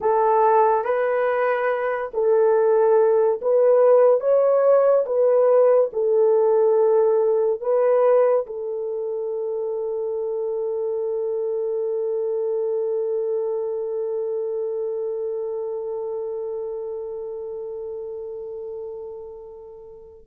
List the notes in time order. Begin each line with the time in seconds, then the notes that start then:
0.00 A4
0.84 B4
2.14 A4
3.41 B4
4.20 C#5
5.06 B4
5.92 A4
7.61 B4
8.46 A4